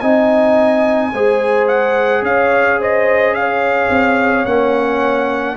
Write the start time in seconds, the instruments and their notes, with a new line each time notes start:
0.00 tuba C4, trombone D#4, horn D#5, trumpet G#5
1.13 tuba G#3, trombone G#4, horn C5
1.68 trumpet F#5
2.22 tuba C#4, horn C#5, trumpet F5
2.80 horn C5, trumpet D#5
3.34 horn C#5, trumpet F5
3.90 tuba C4
4.45 tuba A#3, trombone C#4, trumpet F#5